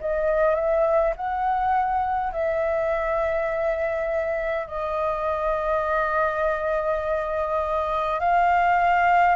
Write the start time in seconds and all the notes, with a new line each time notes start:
0.00 D#5
0.55 E5
1.16 F#5
2.33 E5
4.67 D#5
8.20 F5